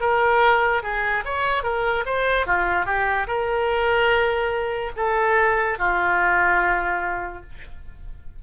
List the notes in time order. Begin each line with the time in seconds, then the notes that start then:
0.00 A#4
0.83 G#4
1.24 C#5
1.63 A#4
2.05 C5
2.46 F4
2.85 G4
3.27 A#4
4.96 A4
5.78 F4